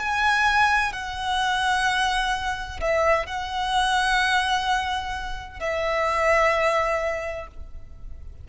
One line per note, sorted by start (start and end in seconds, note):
0.00 0.93 G#5
0.93 2.80 F#5
2.81 3.26 E5
3.26 5.60 F#5
5.60 7.48 E5